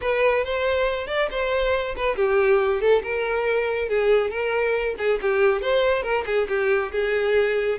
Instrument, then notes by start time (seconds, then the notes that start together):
violin
0.01 B4
0.44 C5
1.07 D5
1.30 C5
1.96 B4
2.16 G4
2.80 A4
3.03 A#4
3.88 G#4
4.30 A#4
4.98 G#4
5.21 G4
5.61 C5
6.02 A#4
6.26 G#4
6.48 G4
6.92 G#4